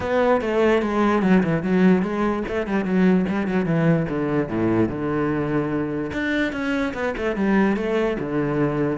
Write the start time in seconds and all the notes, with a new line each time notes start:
0.00 B3
0.41 A3
0.82 G#3
1.22 F#3
1.43 E3
1.62 F#3
2.02 G#3
2.48 A3
2.67 G3
2.85 F#3
3.28 G3
3.47 F#3
3.65 E3
4.09 D3
4.48 A2
4.88 D3
6.12 D4
6.52 C#4
6.94 B3
7.17 A3
7.36 G3
7.76 A3
8.19 D3